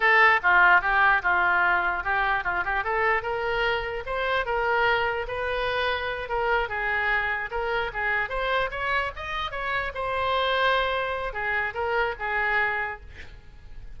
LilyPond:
\new Staff \with { instrumentName = "oboe" } { \time 4/4 \tempo 4 = 148 a'4 f'4 g'4 f'4~ | f'4 g'4 f'8 g'8 a'4 | ais'2 c''4 ais'4~ | ais'4 b'2~ b'8 ais'8~ |
ais'8 gis'2 ais'4 gis'8~ | gis'8 c''4 cis''4 dis''4 cis''8~ | cis''8 c''2.~ c''8 | gis'4 ais'4 gis'2 | }